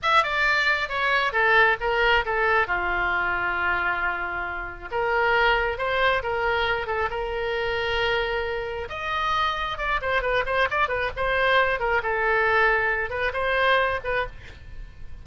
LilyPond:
\new Staff \with { instrumentName = "oboe" } { \time 4/4 \tempo 4 = 135 e''8 d''4. cis''4 a'4 | ais'4 a'4 f'2~ | f'2. ais'4~ | ais'4 c''4 ais'4. a'8 |
ais'1 | dis''2 d''8 c''8 b'8 c''8 | d''8 b'8 c''4. ais'8 a'4~ | a'4. b'8 c''4. b'8 | }